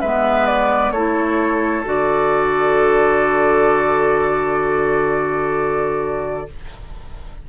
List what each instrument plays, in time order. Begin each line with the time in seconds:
0.00 bassoon G#3, clarinet B3, oboe B4, flute E5
0.46 flute D5
0.91 bassoon A3, clarinet E4, oboe A4, flute C#5
1.85 bassoon D3, clarinet F#4, flute D5